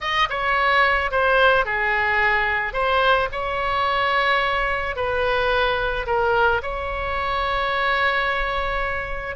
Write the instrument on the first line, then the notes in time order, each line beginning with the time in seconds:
oboe
0.01 D#5
0.29 C#5
1.11 C5
1.65 G#4
2.73 C5
3.32 C#5
4.95 B4
6.06 A#4
6.62 C#5